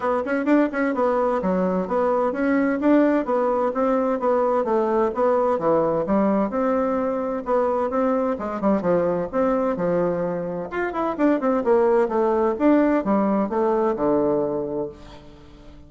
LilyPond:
\new Staff \with { instrumentName = "bassoon" } { \time 4/4 \tempo 4 = 129 b8 cis'8 d'8 cis'8 b4 fis4 | b4 cis'4 d'4 b4 | c'4 b4 a4 b4 | e4 g4 c'2 |
b4 c'4 gis8 g8 f4 | c'4 f2 f'8 e'8 | d'8 c'8 ais4 a4 d'4 | g4 a4 d2 | }